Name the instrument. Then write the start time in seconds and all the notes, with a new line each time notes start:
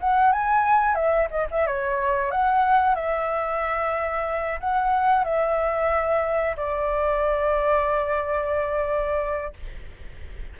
flute
0.00 F#5
0.32 G#5
0.95 E5
1.31 D#5
1.51 E5
1.66 C#5
2.31 F#5
2.95 E5
4.60 F#5
5.24 E5
6.57 D5